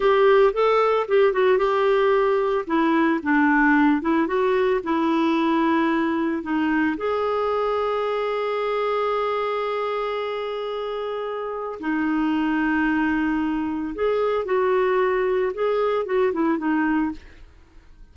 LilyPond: \new Staff \with { instrumentName = "clarinet" } { \time 4/4 \tempo 4 = 112 g'4 a'4 g'8 fis'8 g'4~ | g'4 e'4 d'4. e'8 | fis'4 e'2. | dis'4 gis'2.~ |
gis'1~ | gis'2 dis'2~ | dis'2 gis'4 fis'4~ | fis'4 gis'4 fis'8 e'8 dis'4 | }